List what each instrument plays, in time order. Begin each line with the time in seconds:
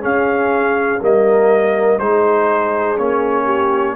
0.00 trombone C#4, tuba C#4, horn G#4, trumpet F5
1.00 tuba G3, trombone A#3, horn A#4, trumpet D#5
1.99 tuba G#3, trombone D#4, horn G#4, trumpet C5
2.98 tuba A#3, trombone C#4, trumpet C#5
3.44 horn G4